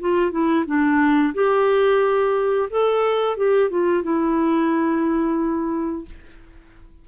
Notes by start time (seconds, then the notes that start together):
0.00 F4
0.31 E4
0.66 D4
1.34 G4
2.70 A4
3.36 G4
3.70 F4
4.03 E4